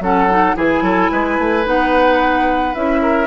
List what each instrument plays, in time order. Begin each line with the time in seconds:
0.00 bassoon F#3, clarinet C#4, oboe A4, flute F#5
0.29 clarinet D#4
0.56 bassoon E3, clarinet E4, oboe G#4, flute G#5
0.82 bassoon F#3, oboe A4
1.12 bassoon G#3, oboe B4
1.39 bassoon A3
1.65 bassoon B3, clarinet D#4, flute F#5
2.75 bassoon C#4, clarinet E4, flute E5
3.02 oboe A#4